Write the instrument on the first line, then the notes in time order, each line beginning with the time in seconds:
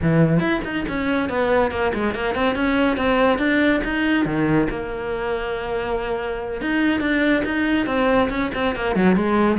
cello
0.02 E3
0.39 E4
0.64 D#4
0.88 C#4
1.29 B3
1.71 A#3
1.94 G#3
2.14 A#3
2.35 C4
2.55 C#4
2.96 C4
3.38 D4
3.84 D#4
4.25 D#3
4.70 A#3
6.61 D#4
7.00 D4
7.45 D#4
7.86 C4
8.29 C#4
8.54 C4
8.75 A#3
8.95 F#3
9.16 G#3